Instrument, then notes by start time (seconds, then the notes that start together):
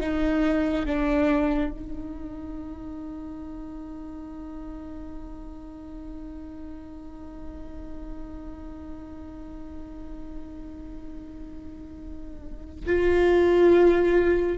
viola
0.00 D#4
0.86 D4
1.71 D#4
12.86 F4